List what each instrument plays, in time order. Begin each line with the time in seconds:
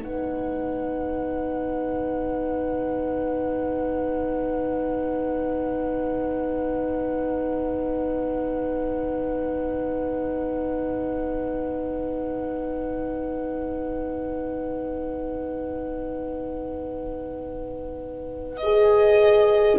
0.00 double bass B3, horn D#4, saxophone B4, violin F#5
18.57 horn G#4, violin D#5